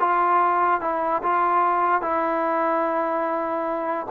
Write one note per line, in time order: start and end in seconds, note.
0.00 0.81 F4
0.81 1.22 E4
1.23 2.02 F4
2.02 4.07 E4